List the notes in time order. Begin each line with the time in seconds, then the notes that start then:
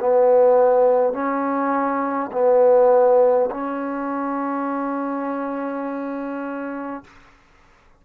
0.00 B3
1.13 C#4
2.32 B3
3.51 C#4